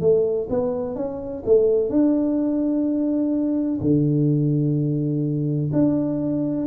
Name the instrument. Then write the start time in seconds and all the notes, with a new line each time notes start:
tuba
0.00 A3
0.49 B3
0.95 C#4
1.45 A3
1.89 D4
3.81 D3
5.72 D4